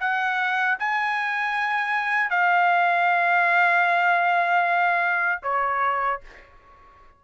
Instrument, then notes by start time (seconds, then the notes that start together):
trumpet
0.00 F#5
0.79 G#5
2.30 F5
5.43 C#5